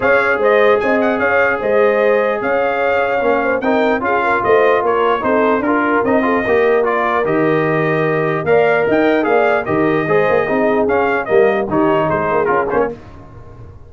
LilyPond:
<<
  \new Staff \with { instrumentName = "trumpet" } { \time 4/4 \tempo 4 = 149 f''4 dis''4 gis''8 fis''8 f''4 | dis''2 f''2~ | f''4 g''4 f''4 dis''4 | cis''4 c''4 ais'4 dis''4~ |
dis''4 d''4 dis''2~ | dis''4 f''4 g''4 f''4 | dis''2. f''4 | dis''4 cis''4 c''4 ais'8 c''16 cis''16 | }
  \new Staff \with { instrumentName = "horn" } { \time 4/4 cis''4 c''4 dis''4 cis''4 | c''2 cis''2~ | cis''8 c''8 ais'4 gis'8 ais'8 c''4 | ais'4 a'4 ais'4. a'8 |
ais'1~ | ais'4 d''4 dis''4 d''4 | ais'4 c''4 gis'2 | ais'4 g'4 gis'2 | }
  \new Staff \with { instrumentName = "trombone" } { \time 4/4 gis'1~ | gis'1 | cis'4 dis'4 f'2~ | f'4 dis'4 f'4 dis'8 f'8 |
g'4 f'4 g'2~ | g'4 ais'2 gis'4 | g'4 gis'4 dis'4 cis'4 | ais4 dis'2 f'8 cis'8 | }
  \new Staff \with { instrumentName = "tuba" } { \time 4/4 cis'4 gis4 c'4 cis'4 | gis2 cis'2 | ais4 c'4 cis'4 a4 | ais4 c'4 d'4 c'4 |
ais2 dis2~ | dis4 ais4 dis'4 ais4 | dis4 gis8 ais8 c'4 cis'4 | g4 dis4 gis8 ais8 cis'8 ais8 | }
>>